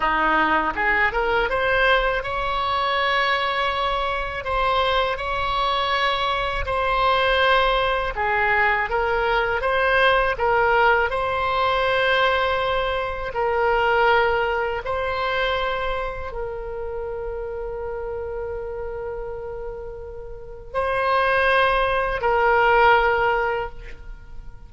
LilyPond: \new Staff \with { instrumentName = "oboe" } { \time 4/4 \tempo 4 = 81 dis'4 gis'8 ais'8 c''4 cis''4~ | cis''2 c''4 cis''4~ | cis''4 c''2 gis'4 | ais'4 c''4 ais'4 c''4~ |
c''2 ais'2 | c''2 ais'2~ | ais'1 | c''2 ais'2 | }